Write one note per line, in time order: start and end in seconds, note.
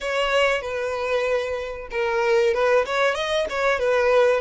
0.00 0.61 C#5
0.61 1.87 B4
1.90 2.53 A#4
2.53 2.85 B4
2.85 3.14 C#5
3.14 3.46 D#5
3.49 3.79 C#5
3.79 4.40 B4